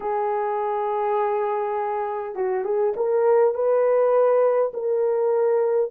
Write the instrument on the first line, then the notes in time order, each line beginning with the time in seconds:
horn
0.00 G#4
2.35 F#4
2.64 G#4
2.96 A#4
3.54 B4
4.73 A#4